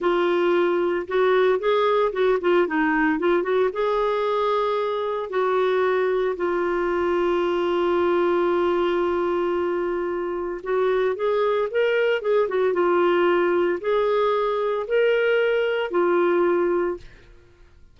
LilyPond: \new Staff \with { instrumentName = "clarinet" } { \time 4/4 \tempo 4 = 113 f'2 fis'4 gis'4 | fis'8 f'8 dis'4 f'8 fis'8 gis'4~ | gis'2 fis'2 | f'1~ |
f'1 | fis'4 gis'4 ais'4 gis'8 fis'8 | f'2 gis'2 | ais'2 f'2 | }